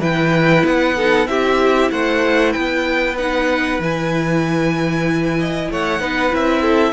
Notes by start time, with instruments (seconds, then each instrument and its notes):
0.00 cello E3, viola E4, violin B4 G5
0.65 cello B3, violin F#5
0.96 viola D#4, violin A4
1.26 cello C4, viola E4, violin G4 E5
1.92 cello A3, violin C5 F#5
2.52 cello B3, violin B4 G5
3.18 viola D#4, violin F#5
3.80 cello E3, viola E4, violin G#5
5.39 violin D#5
5.70 cello A3, violin C#5 F#5
6.00 cello B3, viola D#4, violin B4
6.30 cello C4, viola E4, violin E5
6.62 violin A4